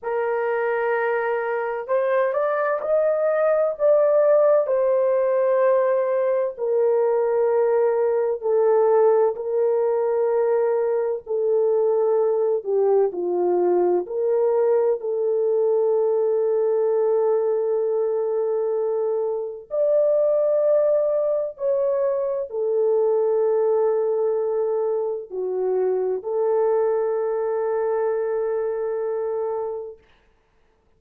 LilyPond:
\new Staff \with { instrumentName = "horn" } { \time 4/4 \tempo 4 = 64 ais'2 c''8 d''8 dis''4 | d''4 c''2 ais'4~ | ais'4 a'4 ais'2 | a'4. g'8 f'4 ais'4 |
a'1~ | a'4 d''2 cis''4 | a'2. fis'4 | a'1 | }